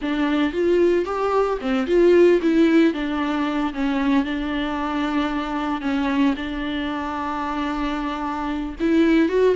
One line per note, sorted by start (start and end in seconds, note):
0.01 0.52 D4
0.52 1.05 F4
1.05 1.58 G4
1.61 1.87 C4
1.87 2.40 F4
2.42 2.93 E4
2.93 3.73 D4
3.73 4.25 C#4
4.25 5.81 D4
5.81 6.34 C#4
6.36 8.75 D4
8.80 9.28 E4
9.28 9.55 F#4